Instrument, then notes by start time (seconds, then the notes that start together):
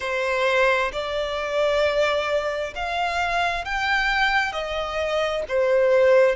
violin
0.00 C5
0.92 D5
2.75 F5
3.64 G5
4.52 D#5
5.48 C5